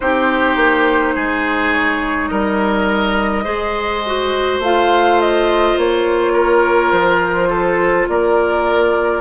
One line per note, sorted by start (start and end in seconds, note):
0.00 0.56 C4
0.00 3.44 D#4
0.00 1.14 G4
0.00 1.72 C5
0.56 1.13 A#3
1.14 2.31 G#3
1.14 2.29 G#4
1.72 2.28 C#5
2.28 3.46 G3
2.28 3.44 A#4
2.28 4.59 D#5
3.44 4.59 G#3
3.44 4.02 G#4
3.44 6.32 C5
4.06 4.63 F#4
4.59 5.74 A3
4.59 9.21 F4
4.59 5.20 F5
5.20 5.78 D#5
5.77 6.92 A#3
5.77 6.92 C#5
6.33 7.48 A#4
6.92 8.07 F3
6.92 8.07 C5
7.49 8.07 A4
8.08 9.21 A#3
8.08 9.21 A#4
8.08 9.21 D5